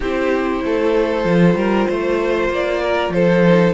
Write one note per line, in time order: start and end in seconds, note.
0.00 0.63 C4
0.00 1.25 E4
0.00 0.61 G4
0.00 2.52 C5
0.64 1.24 A3
0.64 1.58 A4
1.24 1.54 F3
1.24 3.43 F4
1.54 1.86 G3
1.54 1.88 A#4
1.88 2.49 A3
1.88 2.81 C5
2.49 3.09 A#3
2.49 3.13 D5
2.81 3.12 A#4
3.09 3.71 F3
3.09 3.74 A4
3.09 3.74 C5
3.44 3.74 D#4